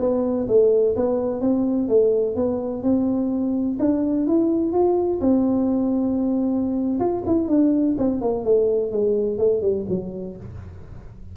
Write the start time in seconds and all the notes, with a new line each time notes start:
0.00 B3
0.48 A3
0.96 B3
1.41 C4
1.89 A3
2.36 B3
2.83 C4
3.79 D4
4.27 E4
4.73 F4
5.21 C4
7.00 F4
7.27 E4
7.49 D4
7.99 C4
8.22 A#3
8.45 A3
8.92 G#3
9.38 A3
9.62 G3
9.89 F#3